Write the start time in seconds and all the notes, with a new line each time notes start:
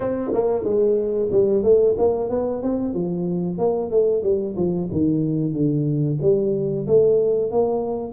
0.00 C4
0.33 A#3
0.64 G#3
1.31 G3
1.63 A3
1.97 A#3
2.29 B3
2.62 C4
2.93 F3
3.58 A#3
3.90 A3
4.22 G3
4.56 F3
4.91 D#3
5.53 D3
6.21 G3
6.87 A3
7.51 A#3